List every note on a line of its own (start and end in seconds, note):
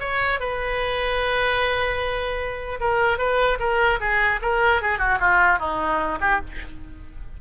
0.00 0.40 C#5
0.40 2.80 B4
2.81 3.19 A#4
3.19 3.59 B4
3.60 4.00 A#4
4.01 4.41 G#4
4.42 4.82 A#4
4.82 4.99 G#4
4.99 5.19 F#4
5.20 5.59 F4
5.59 6.19 D#4
6.21 6.41 G4